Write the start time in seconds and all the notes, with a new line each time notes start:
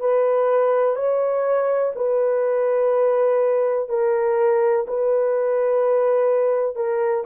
0.00 B4
0.96 C#5
1.96 B4
3.89 A#4
4.87 B4
6.76 A#4